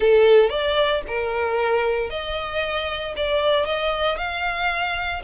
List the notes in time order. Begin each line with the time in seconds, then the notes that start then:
0.00 A4
0.49 D5
1.07 A#4
2.10 D#5
3.16 D5
3.65 D#5
4.17 F5